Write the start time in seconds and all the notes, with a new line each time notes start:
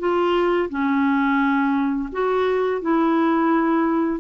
0.00 F4
0.70 C#4
2.13 F#4
2.82 E4